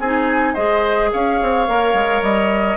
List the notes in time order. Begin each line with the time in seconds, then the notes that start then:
0.00 C4 D#4 G#4 G#5
0.54 G#3 G#4 C5 D#5
1.13 C#4 C#5 F5
1.42 C4
1.68 A#3 A#4
1.94 G#3
2.22 G3 D#5